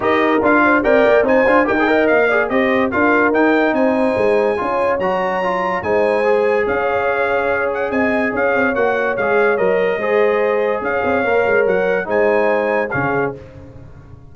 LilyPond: <<
  \new Staff \with { instrumentName = "trumpet" } { \time 4/4 \tempo 4 = 144 dis''4 f''4 g''4 gis''4 | g''4 f''4 dis''4 f''4 | g''4 gis''2. | ais''2 gis''2 |
f''2~ f''8 fis''8 gis''4 | f''4 fis''4 f''4 dis''4~ | dis''2 f''2 | fis''4 gis''2 f''4 | }
  \new Staff \with { instrumentName = "horn" } { \time 4/4 ais'4. c''8 d''4 c''4 | ais'8 dis''4 d''8 c''4 ais'4~ | ais'4 c''2 cis''4~ | cis''2 c''2 |
cis''2. dis''4 | cis''1 | c''2 cis''2~ | cis''4 c''2 gis'4 | }
  \new Staff \with { instrumentName = "trombone" } { \time 4/4 g'4 f'4 ais'4 dis'8 f'8 | g'16 gis'16 ais'4 gis'8 g'4 f'4 | dis'2. f'4 | fis'4 f'4 dis'4 gis'4~ |
gis'1~ | gis'4 fis'4 gis'4 ais'4 | gis'2. ais'4~ | ais'4 dis'2 cis'4 | }
  \new Staff \with { instrumentName = "tuba" } { \time 4/4 dis'4 d'4 c'8 ais8 c'8 d'8 | dis'4 ais4 c'4 d'4 | dis'4 c'4 gis4 cis'4 | fis2 gis2 |
cis'2. c'4 | cis'8 c'8 ais4 gis4 fis4 | gis2 cis'8 c'8 ais8 gis8 | fis4 gis2 cis4 | }
>>